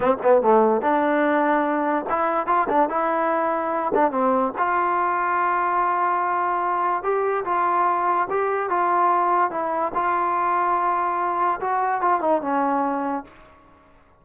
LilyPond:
\new Staff \with { instrumentName = "trombone" } { \time 4/4 \tempo 4 = 145 c'8 b8 a4 d'2~ | d'4 e'4 f'8 d'8 e'4~ | e'4. d'8 c'4 f'4~ | f'1~ |
f'4 g'4 f'2 | g'4 f'2 e'4 | f'1 | fis'4 f'8 dis'8 cis'2 | }